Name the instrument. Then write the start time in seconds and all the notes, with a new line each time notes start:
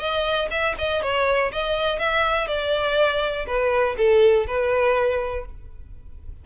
violin
0.00 D#5
0.51 E5
0.79 D#5
1.03 C#5
1.53 D#5
1.99 E5
2.48 D5
3.47 B4
3.98 A4
4.48 B4